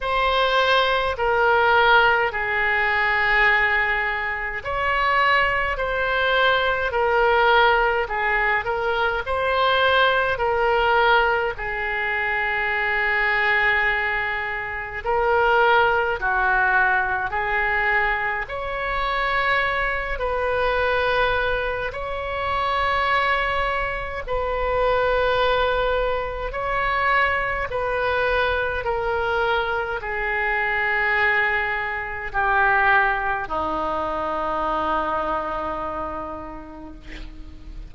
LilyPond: \new Staff \with { instrumentName = "oboe" } { \time 4/4 \tempo 4 = 52 c''4 ais'4 gis'2 | cis''4 c''4 ais'4 gis'8 ais'8 | c''4 ais'4 gis'2~ | gis'4 ais'4 fis'4 gis'4 |
cis''4. b'4. cis''4~ | cis''4 b'2 cis''4 | b'4 ais'4 gis'2 | g'4 dis'2. | }